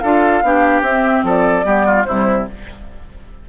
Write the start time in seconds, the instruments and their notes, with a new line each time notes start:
0.00 bassoon D4, clarinet F4, oboe A4, flute F5
0.43 bassoon B3, clarinet D4, oboe G4
0.82 bassoon C4, clarinet C4, flute E5
1.24 bassoon F3, oboe A4, flute D5
1.64 bassoon G3, clarinet B3, oboe G4
1.86 oboe F4
2.04 bassoon C3, clarinet G3, oboe E4, flute C5